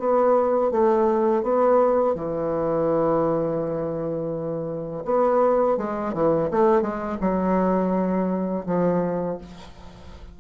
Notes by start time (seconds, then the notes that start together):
0.00 B3
0.72 A3
1.43 B3
2.15 E3
5.05 B3
5.78 G#3
6.14 E3
6.51 A3
6.82 G#3
7.21 F#3
8.66 F3